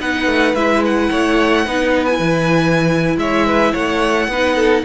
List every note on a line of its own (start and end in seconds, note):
0.00 0.26 B3
0.00 0.56 D#4
0.00 1.11 B4
0.00 0.55 F#5
0.26 0.54 A3
0.54 1.10 G#3
0.54 1.67 E4
0.54 0.83 E5
0.85 2.05 F#5
1.11 1.67 A3
1.11 1.65 C#5
1.65 2.19 B3
1.65 2.09 D#4
1.65 3.18 B4
2.05 4.31 E4
2.05 3.16 G#5
2.19 3.16 E3
3.17 3.73 G#3
3.17 3.46 C#5
3.17 3.74 E5
3.46 3.72 B4
3.72 4.28 A3
3.72 4.28 C#5
3.72 4.84 F#5
4.28 4.84 B3
4.28 4.84 D#4
4.28 4.55 B4
4.55 4.83 A4